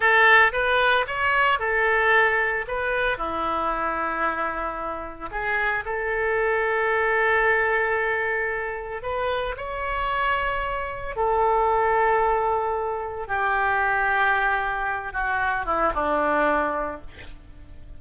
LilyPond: \new Staff \with { instrumentName = "oboe" } { \time 4/4 \tempo 4 = 113 a'4 b'4 cis''4 a'4~ | a'4 b'4 e'2~ | e'2 gis'4 a'4~ | a'1~ |
a'4 b'4 cis''2~ | cis''4 a'2.~ | a'4 g'2.~ | g'8 fis'4 e'8 d'2 | }